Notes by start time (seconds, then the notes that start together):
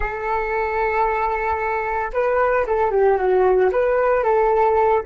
0.00 A4
2.13 B4
2.66 A4
2.91 G4
3.17 F#4
3.71 B4
4.23 A4